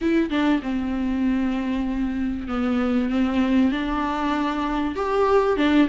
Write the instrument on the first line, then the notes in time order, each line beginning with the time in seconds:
viola
0.01 E4
0.30 D4
0.62 C4
2.47 B3
3.09 C4
3.71 D4
4.95 G4
5.57 D4